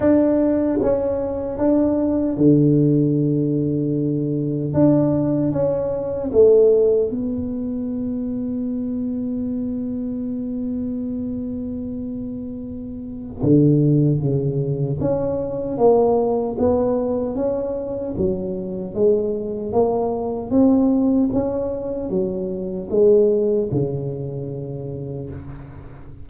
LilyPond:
\new Staff \with { instrumentName = "tuba" } { \time 4/4 \tempo 4 = 76 d'4 cis'4 d'4 d4~ | d2 d'4 cis'4 | a4 b2.~ | b1~ |
b4 d4 cis4 cis'4 | ais4 b4 cis'4 fis4 | gis4 ais4 c'4 cis'4 | fis4 gis4 cis2 | }